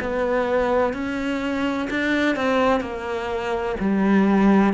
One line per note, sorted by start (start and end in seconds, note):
0.00 0.93 B3
0.93 1.88 C#4
1.90 2.36 D4
2.36 2.81 C4
2.81 3.76 A#3
3.80 4.74 G3